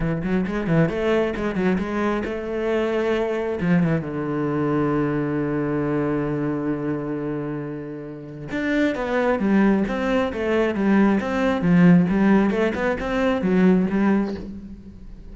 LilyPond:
\new Staff \with { instrumentName = "cello" } { \time 4/4 \tempo 4 = 134 e8 fis8 gis8 e8 a4 gis8 fis8 | gis4 a2. | f8 e8 d2.~ | d1~ |
d2. d'4 | b4 g4 c'4 a4 | g4 c'4 f4 g4 | a8 b8 c'4 fis4 g4 | }